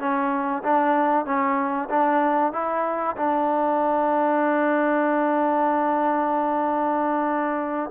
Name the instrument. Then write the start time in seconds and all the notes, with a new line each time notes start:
trombone
0.00 C#4
0.64 D4
1.26 C#4
1.90 D4
2.53 E4
3.17 D4